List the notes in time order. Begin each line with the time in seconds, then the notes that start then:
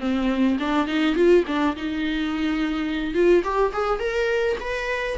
0.00 C4
0.59 D4
0.87 D#4
1.15 F4
1.47 D4
1.76 D#4
3.14 F4
3.43 G4
3.73 G#4
3.99 A#4
4.60 B4